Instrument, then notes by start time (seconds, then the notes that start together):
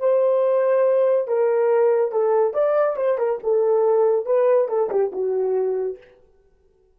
horn
0.00 C5
1.28 A#4
2.12 A4
2.54 D5
2.97 C5
3.18 A#4
3.43 A4
4.26 B4
4.69 A4
4.90 G4
5.12 F#4